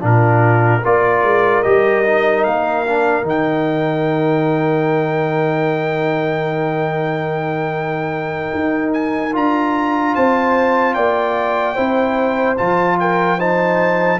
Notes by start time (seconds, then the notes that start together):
0.00 A#2 D4 F4 A#4
0.82 A#3 F4 A#4 D5
1.23 G#3
1.63 G3 G4 D#5
2.05 D#4
2.44 A#3 F5
2.87 D4
3.22 D#3 D#4
3.29 G5
8.54 D#4
8.93 G#5
9.33 D4 F4 A#5
10.15 C4 C5 A5
10.94 A#3 D5 G5
11.74 C4 E4 C5
12.57 F3 F4 A5
13.00 A#4 G5
13.38 D#4 C5 A5